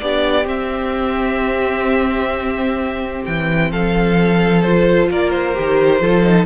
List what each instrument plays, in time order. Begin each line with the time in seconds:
0.00 cello B3, viola D4, violin G4 D5
0.45 viola C4, cello C4, violin E5
3.25 cello E3, violin G5
3.71 cello F3, violin A4 F5
4.62 viola F4, violin C5
5.10 cello A#3, violin A#4 D5
5.30 violin C5
5.55 cello D#3, viola G4
6.01 cello F3, viola F4, violin A4
6.24 viola D#4